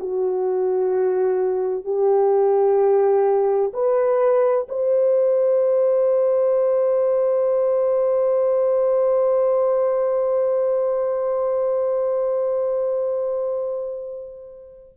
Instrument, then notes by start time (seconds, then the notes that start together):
horn
0.00 F#4
1.85 G4
3.74 B4
4.69 C5